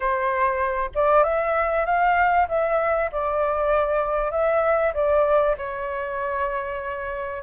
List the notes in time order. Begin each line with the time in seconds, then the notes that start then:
0.00 C5
0.94 D5
1.23 E5
1.85 F5
2.48 E5
3.12 D5
4.31 E5
4.94 D5
5.57 C#5